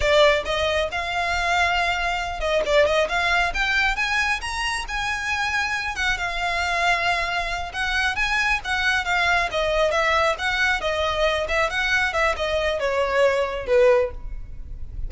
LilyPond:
\new Staff \with { instrumentName = "violin" } { \time 4/4 \tempo 4 = 136 d''4 dis''4 f''2~ | f''4. dis''8 d''8 dis''8 f''4 | g''4 gis''4 ais''4 gis''4~ | gis''4. fis''8 f''2~ |
f''4. fis''4 gis''4 fis''8~ | fis''8 f''4 dis''4 e''4 fis''8~ | fis''8 dis''4. e''8 fis''4 e''8 | dis''4 cis''2 b'4 | }